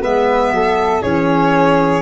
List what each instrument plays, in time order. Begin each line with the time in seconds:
0.00 tuba G#3, clarinet B3, flute B4, violin E5
0.50 tuba F#3, flute A4
1.01 tuba E3, clarinet C#4, flute G#4, violin C#5